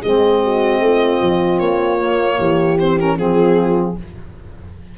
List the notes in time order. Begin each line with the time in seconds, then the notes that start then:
0.00 G#3 C4 G#4 D#5
0.42 F#4
0.80 A3 F4
1.21 F3
1.59 A#3 C#5
1.98 A#3
2.38 E3 G4
2.79 C4 C5
2.99 C#4 A#4
3.16 F3 C4 F4 G#4